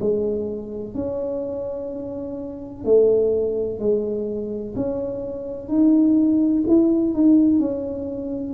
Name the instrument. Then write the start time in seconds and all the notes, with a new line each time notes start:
tuba
0.00 G#3
0.94 C#4
2.84 A3
3.79 G#3
4.75 C#4
5.68 D#4
6.68 E4
7.14 D#4
7.59 C#4